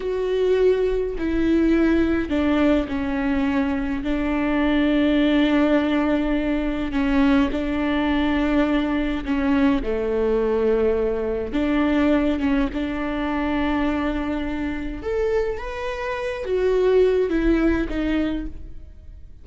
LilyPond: \new Staff \with { instrumentName = "viola" } { \time 4/4 \tempo 4 = 104 fis'2 e'2 | d'4 cis'2 d'4~ | d'1 | cis'4 d'2. |
cis'4 a2. | d'4. cis'8 d'2~ | d'2 a'4 b'4~ | b'8 fis'4. e'4 dis'4 | }